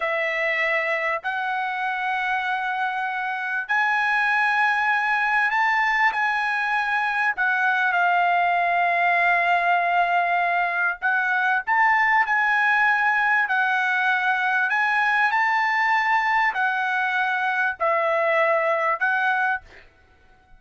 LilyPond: \new Staff \with { instrumentName = "trumpet" } { \time 4/4 \tempo 4 = 98 e''2 fis''2~ | fis''2 gis''2~ | gis''4 a''4 gis''2 | fis''4 f''2.~ |
f''2 fis''4 a''4 | gis''2 fis''2 | gis''4 a''2 fis''4~ | fis''4 e''2 fis''4 | }